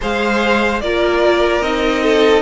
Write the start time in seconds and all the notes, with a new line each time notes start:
0.01 G#3 G#4 C5 F5
0.81 A#3 F4 A#4 D5
1.60 C4 D#4 D#5
2.02 A4